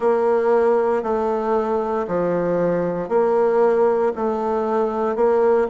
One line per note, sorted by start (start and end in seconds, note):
0.00 1.03 A#3
1.03 2.06 A3
2.07 3.08 F3
3.08 4.12 A#3
4.15 5.15 A3
5.15 5.67 A#3